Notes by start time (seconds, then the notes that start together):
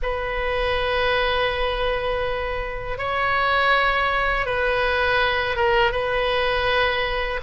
0.02 B4
2.98 C#5
4.45 B4
5.56 A#4
5.91 B4